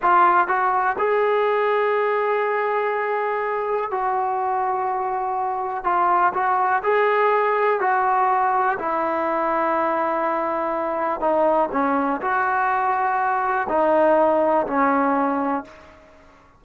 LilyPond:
\new Staff \with { instrumentName = "trombone" } { \time 4/4 \tempo 4 = 123 f'4 fis'4 gis'2~ | gis'1 | fis'1 | f'4 fis'4 gis'2 |
fis'2 e'2~ | e'2. dis'4 | cis'4 fis'2. | dis'2 cis'2 | }